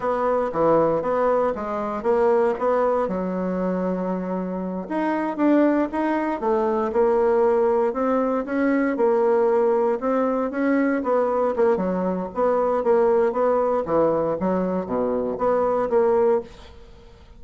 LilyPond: \new Staff \with { instrumentName = "bassoon" } { \time 4/4 \tempo 4 = 117 b4 e4 b4 gis4 | ais4 b4 fis2~ | fis4. dis'4 d'4 dis'8~ | dis'8 a4 ais2 c'8~ |
c'8 cis'4 ais2 c'8~ | c'8 cis'4 b4 ais8 fis4 | b4 ais4 b4 e4 | fis4 b,4 b4 ais4 | }